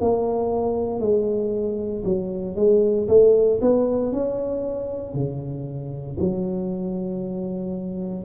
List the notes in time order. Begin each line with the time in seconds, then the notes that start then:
0.00 A#3
1.00 G#3
2.04 F#3
2.55 G#3
3.08 A3
3.61 B3
4.12 C#4
5.14 C#3
6.19 F#3